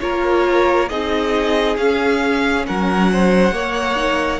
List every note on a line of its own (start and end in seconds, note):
0.00 0.90 A#3
0.00 0.89 F4
0.00 0.90 A#4
0.00 0.88 C#5
0.88 1.77 C4
0.88 1.78 D#4
0.88 2.66 G#4
0.88 1.76 D#5
1.77 2.65 C#4
1.77 3.52 C#4
1.77 2.65 F5
2.66 3.51 F#3
2.66 3.11 A#4
2.66 4.40 F#5
3.12 3.54 C5
3.51 4.39 A#3
3.51 3.96 A#3
3.51 4.40 C#5
3.96 4.40 D#4